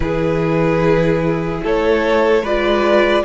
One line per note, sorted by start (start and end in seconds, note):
0.00 1.61 E3
0.00 2.42 E4
0.00 1.63 G#4
0.00 1.60 B4
1.63 2.42 A3
1.63 2.42 A4
1.63 2.45 C#5
2.42 3.23 G#3
2.42 3.24 F4
2.42 3.23 B4
2.42 3.24 D5